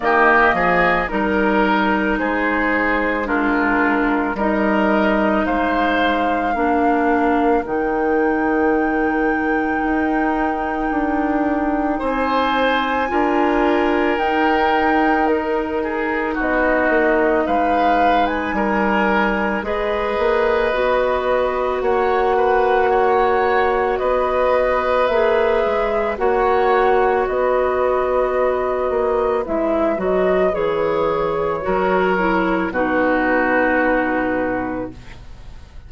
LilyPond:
<<
  \new Staff \with { instrumentName = "flute" } { \time 4/4 \tempo 4 = 55 dis''4 ais'4 c''4 ais'4 | dis''4 f''2 g''4~ | g''2. gis''4~ | gis''4 g''4 ais'4 dis''4 |
f''8. gis''4~ gis''16 dis''2 | fis''2 dis''4 e''4 | fis''4 dis''2 e''8 dis''8 | cis''2 b'2 | }
  \new Staff \with { instrumentName = "oboe" } { \time 4/4 g'8 gis'8 ais'4 gis'4 f'4 | ais'4 c''4 ais'2~ | ais'2. c''4 | ais'2~ ais'8 gis'8 fis'4 |
b'4 ais'4 b'2 | cis''8 b'8 cis''4 b'2 | cis''4 b'2.~ | b'4 ais'4 fis'2 | }
  \new Staff \with { instrumentName = "clarinet" } { \time 4/4 ais4 dis'2 d'4 | dis'2 d'4 dis'4~ | dis'1 | f'4 dis'2.~ |
dis'2 gis'4 fis'4~ | fis'2. gis'4 | fis'2. e'8 fis'8 | gis'4 fis'8 e'8 dis'2 | }
  \new Staff \with { instrumentName = "bassoon" } { \time 4/4 dis8 f8 g4 gis2 | g4 gis4 ais4 dis4~ | dis4 dis'4 d'4 c'4 | d'4 dis'2 b8 ais8 |
gis4 g4 gis8 ais8 b4 | ais2 b4 ais8 gis8 | ais4 b4. ais8 gis8 fis8 | e4 fis4 b,2 | }
>>